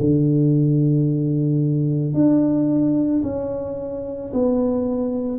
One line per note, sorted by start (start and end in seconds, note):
0.00 2.14 D3
2.14 3.23 D4
3.23 4.32 C#4
4.33 5.39 B3